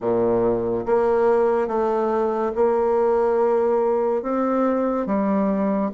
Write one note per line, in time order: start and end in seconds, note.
0.00 0.85 A#2
0.86 1.67 A#3
1.67 2.52 A3
2.55 4.22 A#3
4.22 5.06 C4
5.06 5.91 G3